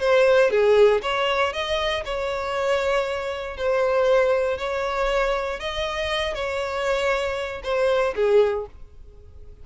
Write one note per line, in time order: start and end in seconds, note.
0.00 0.50 C5
0.50 1.01 G#4
1.02 1.53 C#5
1.53 2.04 D#5
2.05 3.57 C#5
3.57 4.58 C5
4.58 5.59 C#5
5.60 6.34 D#5
6.34 7.61 C#5
7.63 8.14 C5
8.15 8.66 G#4